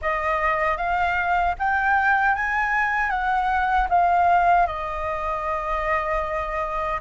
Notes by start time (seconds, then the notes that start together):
0.01 D#5
0.77 F5
1.58 G5
2.35 G#5
3.10 F#5
3.89 F5
4.66 D#5